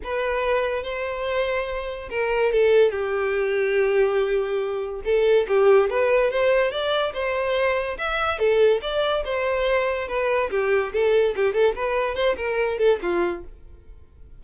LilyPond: \new Staff \with { instrumentName = "violin" } { \time 4/4 \tempo 4 = 143 b'2 c''2~ | c''4 ais'4 a'4 g'4~ | g'1 | a'4 g'4 b'4 c''4 |
d''4 c''2 e''4 | a'4 d''4 c''2 | b'4 g'4 a'4 g'8 a'8 | b'4 c''8 ais'4 a'8 f'4 | }